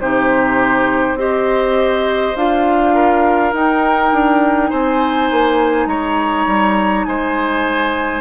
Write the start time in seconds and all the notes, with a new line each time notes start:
0.00 C3 D#4 G4 C5
1.14 C4 G4 C5 D#5
2.36 D4 F4 F5
2.94 A#4
3.53 D#4 G5
4.12 D4
4.70 C4 C5 G#5
5.31 A#3
5.86 G#3 C#5 A#5
6.47 G3
7.04 G#3 C5 G#5